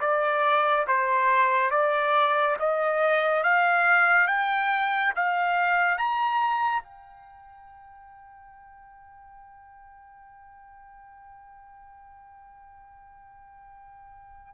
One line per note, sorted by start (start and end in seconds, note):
0.00 0.86 D5
0.87 1.70 C5
1.70 2.56 D5
2.59 3.43 D#5
3.43 4.27 F5
4.27 5.13 G5
5.15 5.98 F5
5.98 6.83 A#5
6.83 14.54 G5